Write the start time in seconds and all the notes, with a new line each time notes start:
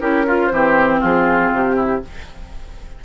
0.00 C#4 E4 G4 A#4
0.27 F4
0.46 E3 C4 C5
0.53 G4
1.01 F3 F4 G#4
1.51 C3 G4
1.76 E4